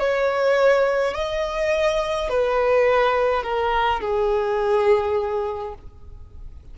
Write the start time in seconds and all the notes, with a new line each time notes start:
0.00 C#5
1.14 D#5
2.30 B4
3.44 A#4
4.01 G#4